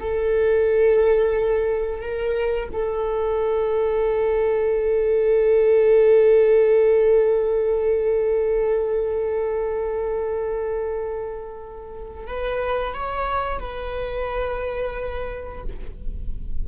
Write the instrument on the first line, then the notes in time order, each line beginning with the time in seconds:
viola
0.00 A4
2.01 A#4
2.72 A4
12.27 B4
12.94 C#5
13.60 B4